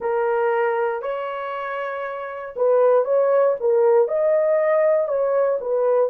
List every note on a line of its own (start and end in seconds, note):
0.00 1.02 A#4
1.02 2.54 C#5
2.56 3.04 B4
3.04 3.55 C#5
3.60 4.08 A#4
4.08 5.08 D#5
5.08 5.58 C#5
5.60 6.10 B4